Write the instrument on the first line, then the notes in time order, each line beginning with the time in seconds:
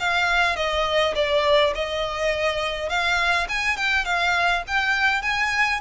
violin
0.00 F5
0.56 D#5
1.15 D5
1.75 D#5
2.89 F5
3.49 G#5
3.77 G5
4.05 F5
4.67 G5
5.22 G#5